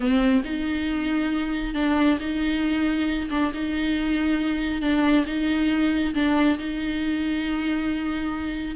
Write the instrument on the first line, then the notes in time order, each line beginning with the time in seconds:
viola
0.00 C4
0.44 D#4
1.74 D4
2.19 D#4
3.30 D4
3.53 D#4
4.81 D4
5.26 D#4
6.14 D4
6.58 D#4